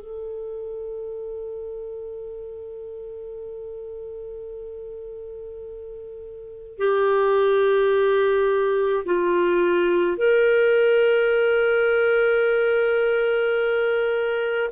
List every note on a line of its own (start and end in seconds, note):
0.00 6.78 A4
6.78 9.05 G4
9.05 10.17 F4
10.17 14.70 A#4